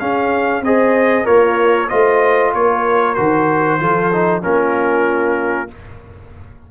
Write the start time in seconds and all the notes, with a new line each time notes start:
0.00 C#4 G#4 F5
0.61 C4 G#4 C5 D#5
1.25 A#3 F4 A#4 C#5
1.89 A3 F4 C5 D#5
2.54 A#3 A#4 C#5
3.15 D#3 F#4 C5
3.80 F3 F4 A4
4.13 D#4
4.42 A#3 C#4 F4 A#4